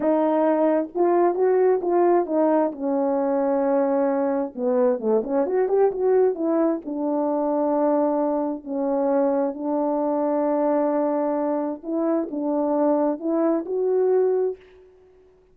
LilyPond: \new Staff \with { instrumentName = "horn" } { \time 4/4 \tempo 4 = 132 dis'2 f'4 fis'4 | f'4 dis'4 cis'2~ | cis'2 b4 a8 cis'8 | fis'8 g'8 fis'4 e'4 d'4~ |
d'2. cis'4~ | cis'4 d'2.~ | d'2 e'4 d'4~ | d'4 e'4 fis'2 | }